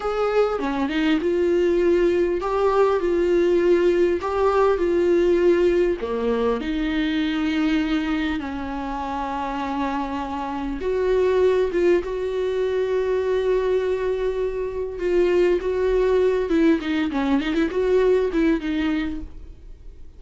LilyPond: \new Staff \with { instrumentName = "viola" } { \time 4/4 \tempo 4 = 100 gis'4 cis'8 dis'8 f'2 | g'4 f'2 g'4 | f'2 ais4 dis'4~ | dis'2 cis'2~ |
cis'2 fis'4. f'8 | fis'1~ | fis'4 f'4 fis'4. e'8 | dis'8 cis'8 dis'16 e'16 fis'4 e'8 dis'4 | }